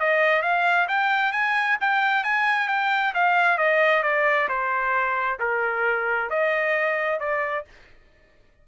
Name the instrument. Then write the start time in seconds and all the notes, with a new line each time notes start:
trumpet
0.00 D#5
0.42 F5
0.88 G5
1.33 G#5
1.81 G5
2.24 G#5
2.69 G5
3.14 F5
3.58 D#5
4.03 D5
4.49 C5
5.40 A#4
6.30 D#5
7.20 D5